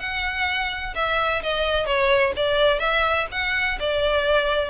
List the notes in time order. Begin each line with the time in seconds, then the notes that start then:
0.00 F#5
0.96 E5
1.43 D#5
1.86 C#5
2.37 D5
2.80 E5
3.32 F#5
3.80 D5